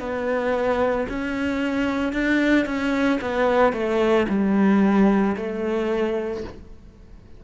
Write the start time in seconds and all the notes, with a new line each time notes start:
0.00 B3
1.09 C#4
2.13 D4
2.66 C#4
3.22 B3
3.73 A3
4.29 G3
5.37 A3